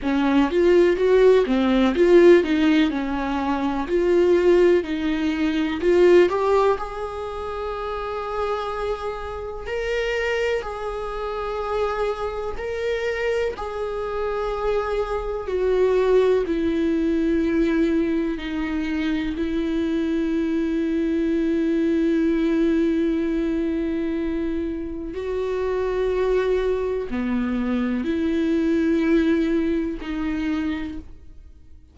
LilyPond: \new Staff \with { instrumentName = "viola" } { \time 4/4 \tempo 4 = 62 cis'8 f'8 fis'8 c'8 f'8 dis'8 cis'4 | f'4 dis'4 f'8 g'8 gis'4~ | gis'2 ais'4 gis'4~ | gis'4 ais'4 gis'2 |
fis'4 e'2 dis'4 | e'1~ | e'2 fis'2 | b4 e'2 dis'4 | }